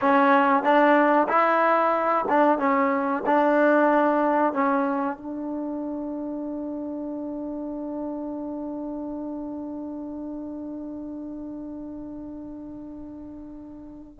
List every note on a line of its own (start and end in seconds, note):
0.01 0.63 C#4
0.63 1.27 D4
1.28 2.25 E4
2.28 2.58 D4
2.58 3.23 C#4
3.26 4.53 D4
4.53 5.17 C#4
5.17 14.19 D4